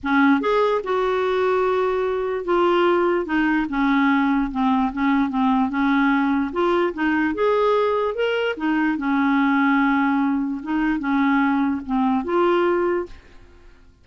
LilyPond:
\new Staff \with { instrumentName = "clarinet" } { \time 4/4 \tempo 4 = 147 cis'4 gis'4 fis'2~ | fis'2 f'2 | dis'4 cis'2 c'4 | cis'4 c'4 cis'2 |
f'4 dis'4 gis'2 | ais'4 dis'4 cis'2~ | cis'2 dis'4 cis'4~ | cis'4 c'4 f'2 | }